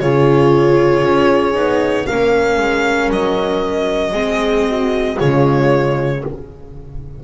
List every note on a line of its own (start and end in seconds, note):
0.00 1.04 C#3
0.00 1.54 F4
0.00 2.07 G#4
0.00 2.06 C#5
1.04 1.56 C#4
1.54 2.07 B3
1.54 2.05 D#4
2.06 2.58 A#3
2.06 4.14 C#4
2.06 4.16 A#4
2.06 3.10 F5
2.58 3.10 G#3
3.10 4.13 F#3
3.10 5.19 D#5
4.13 5.16 G#3
4.13 5.17 C4
4.13 4.68 G#4
4.68 5.16 F#4
5.16 6.24 C#3
5.16 6.20 G#3
5.16 6.19 F4
5.16 6.23 C#5